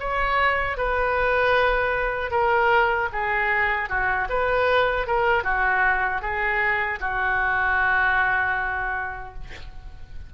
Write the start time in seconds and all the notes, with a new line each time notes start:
0.00 C#5
0.78 B4
2.31 A#4
3.13 G#4
3.90 F#4
4.30 B4
5.07 A#4
5.44 F#4
6.22 G#4
7.01 F#4